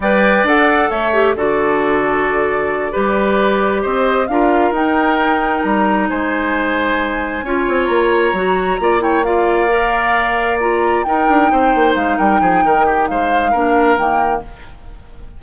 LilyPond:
<<
  \new Staff \with { instrumentName = "flute" } { \time 4/4 \tempo 4 = 133 g''4 fis''4 e''4 d''4~ | d''1~ | d''8 dis''4 f''4 g''4.~ | g''8 ais''4 gis''2~ gis''8~ |
gis''4. ais''2~ ais''8 | g''8 f''2. ais''8~ | ais''8 g''2 f''8 g''4~ | g''4 f''2 g''4 | }
  \new Staff \with { instrumentName = "oboe" } { \time 4/4 d''2 cis''4 a'4~ | a'2~ a'8 b'4.~ | b'8 c''4 ais'2~ ais'8~ | ais'4. c''2~ c''8~ |
c''8 cis''2. d''8 | cis''8 d''2.~ d''8~ | d''8 ais'4 c''4. ais'8 gis'8 | ais'8 g'8 c''4 ais'2 | }
  \new Staff \with { instrumentName = "clarinet" } { \time 4/4 b'4 a'4. g'8 fis'4~ | fis'2~ fis'8 g'4.~ | g'4. f'4 dis'4.~ | dis'1~ |
dis'8 f'2 fis'4 f'8 | e'8 f'4 ais'2 f'8~ | f'8 dis'2.~ dis'8~ | dis'2 d'4 ais4 | }
  \new Staff \with { instrumentName = "bassoon" } { \time 4/4 g4 d'4 a4 d4~ | d2~ d8 g4.~ | g8 c'4 d'4 dis'4.~ | dis'8 g4 gis2~ gis8~ |
gis8 cis'8 c'8 ais4 fis4 ais8~ | ais1~ | ais8 dis'8 d'8 c'8 ais8 gis8 g8 f8 | dis4 gis4 ais4 dis4 | }
>>